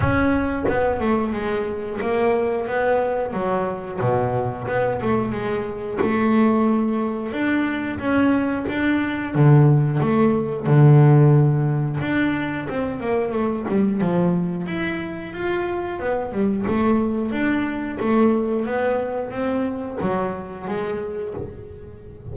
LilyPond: \new Staff \with { instrumentName = "double bass" } { \time 4/4 \tempo 4 = 90 cis'4 b8 a8 gis4 ais4 | b4 fis4 b,4 b8 a8 | gis4 a2 d'4 | cis'4 d'4 d4 a4 |
d2 d'4 c'8 ais8 | a8 g8 f4 e'4 f'4 | b8 g8 a4 d'4 a4 | b4 c'4 fis4 gis4 | }